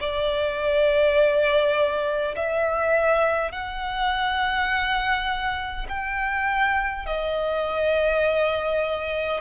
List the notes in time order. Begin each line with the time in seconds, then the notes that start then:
0.00 D5
2.36 E5
3.51 F#5
5.89 G5
7.06 D#5